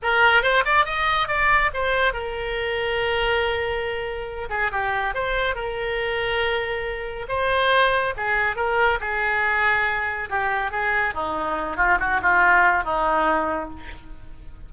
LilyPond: \new Staff \with { instrumentName = "oboe" } { \time 4/4 \tempo 4 = 140 ais'4 c''8 d''8 dis''4 d''4 | c''4 ais'2.~ | ais'2~ ais'8 gis'8 g'4 | c''4 ais'2.~ |
ais'4 c''2 gis'4 | ais'4 gis'2. | g'4 gis'4 dis'4. f'8 | fis'8 f'4. dis'2 | }